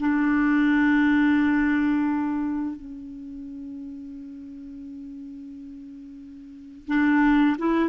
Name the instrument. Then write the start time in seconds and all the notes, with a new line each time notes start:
clarinet
0.00 D4
2.76 C#4
6.88 D4
7.58 E4